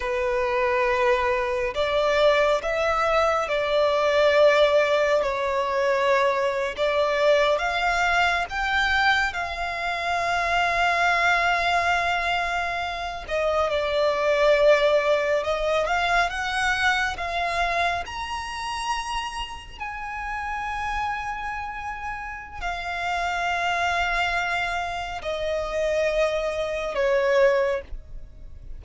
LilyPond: \new Staff \with { instrumentName = "violin" } { \time 4/4 \tempo 4 = 69 b'2 d''4 e''4 | d''2 cis''4.~ cis''16 d''16~ | d''8. f''4 g''4 f''4~ f''16~ | f''2.~ f''16 dis''8 d''16~ |
d''4.~ d''16 dis''8 f''8 fis''4 f''16~ | f''8. ais''2 gis''4~ gis''16~ | gis''2 f''2~ | f''4 dis''2 cis''4 | }